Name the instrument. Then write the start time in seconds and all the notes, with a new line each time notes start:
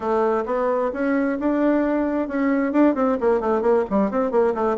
bassoon
0.00 A3
0.45 B3
0.93 C#4
1.39 D4
2.27 C#4
2.72 D4
2.94 C4
3.20 A#3
3.40 A3
3.61 A#3
3.90 G3
4.10 C4
4.31 A#3
4.54 A3